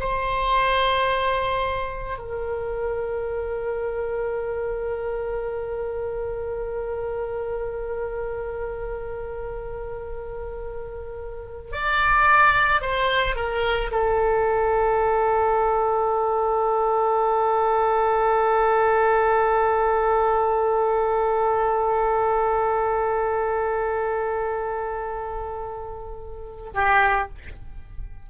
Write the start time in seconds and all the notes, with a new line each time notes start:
0.00 C5
2.18 A#4
11.72 D5
12.81 C5
13.36 A#4
13.91 A4
26.74 G4